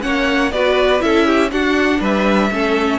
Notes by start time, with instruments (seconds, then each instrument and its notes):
0.00 cello A#3, viola C#4, violin C#5 F#5
0.51 cello B3, viola F#4, violin B4 D5
0.99 cello C#4, viola E4, violin A4 E5
1.26 violin G4
1.52 cello D4, viola D4, violin F#4 F#5
2.00 cello G3, violin B4 E5
2.51 cello A3, viola C#4, violin A4